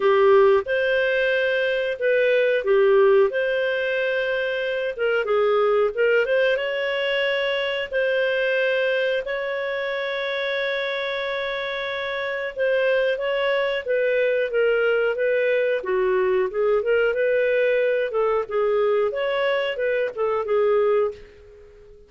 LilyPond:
\new Staff \with { instrumentName = "clarinet" } { \time 4/4 \tempo 4 = 91 g'4 c''2 b'4 | g'4 c''2~ c''8 ais'8 | gis'4 ais'8 c''8 cis''2 | c''2 cis''2~ |
cis''2. c''4 | cis''4 b'4 ais'4 b'4 | fis'4 gis'8 ais'8 b'4. a'8 | gis'4 cis''4 b'8 a'8 gis'4 | }